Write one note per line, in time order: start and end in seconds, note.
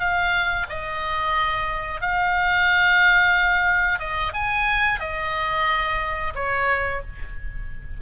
0.00 0.67 F5
0.70 2.01 D#5
2.01 4.00 F5
4.00 4.33 D#5
4.34 5.00 G#5
5.00 6.34 D#5
6.35 7.02 C#5